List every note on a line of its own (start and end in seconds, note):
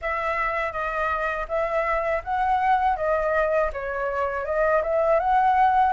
0.01 0.72 E5
0.72 1.46 D#5
1.48 2.22 E5
2.24 2.96 F#5
2.96 3.70 D#5
3.72 4.45 C#5
4.45 4.82 D#5
4.82 5.19 E5
5.19 5.92 F#5